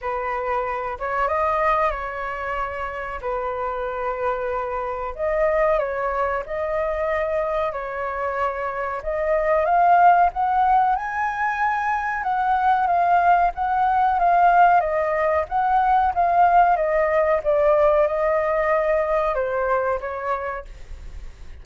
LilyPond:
\new Staff \with { instrumentName = "flute" } { \time 4/4 \tempo 4 = 93 b'4. cis''8 dis''4 cis''4~ | cis''4 b'2. | dis''4 cis''4 dis''2 | cis''2 dis''4 f''4 |
fis''4 gis''2 fis''4 | f''4 fis''4 f''4 dis''4 | fis''4 f''4 dis''4 d''4 | dis''2 c''4 cis''4 | }